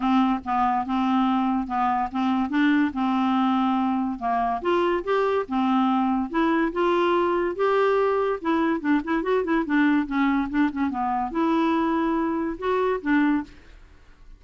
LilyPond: \new Staff \with { instrumentName = "clarinet" } { \time 4/4 \tempo 4 = 143 c'4 b4 c'2 | b4 c'4 d'4 c'4~ | c'2 ais4 f'4 | g'4 c'2 e'4 |
f'2 g'2 | e'4 d'8 e'8 fis'8 e'8 d'4 | cis'4 d'8 cis'8 b4 e'4~ | e'2 fis'4 d'4 | }